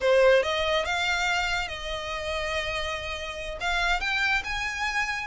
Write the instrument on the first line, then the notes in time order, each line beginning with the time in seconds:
violin
0.00 C5
0.42 D#5
0.85 F5
1.68 D#5
3.60 F5
4.00 G5
4.44 G#5